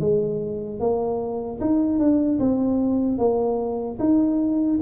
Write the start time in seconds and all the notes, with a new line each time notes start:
0.00 G#3
0.80 A#3
1.61 D#4
1.99 D4
2.40 C4
3.18 A#3
4.00 D#4